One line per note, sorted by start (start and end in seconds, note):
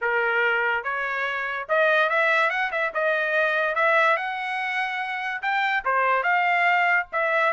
0.01 0.83 A#4
0.83 1.67 C#5
1.68 2.09 D#5
2.09 2.49 E5
2.49 2.70 F#5
2.71 2.92 E5
2.94 3.75 D#5
3.75 4.16 E5
4.16 5.41 F#5
5.42 5.83 G5
5.84 6.23 C5
6.23 7.06 F5
7.12 7.53 E5